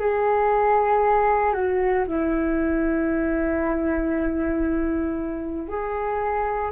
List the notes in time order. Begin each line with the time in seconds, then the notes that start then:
0.00 G#4
1.54 F#4
2.07 E4
5.68 G#4